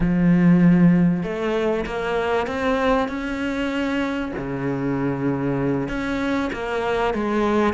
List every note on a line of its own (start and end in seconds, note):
0.00 1.23 F3
1.23 1.85 A3
1.86 2.47 A#3
2.47 3.08 C4
3.08 4.32 C#4
4.37 5.88 C#3
5.88 6.50 C#4
6.53 7.13 A#3
7.13 7.73 G#3